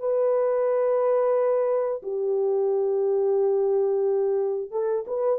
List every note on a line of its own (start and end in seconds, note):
0.00 2.02 B4
2.03 4.72 G4
4.72 5.05 A4
5.07 5.40 B4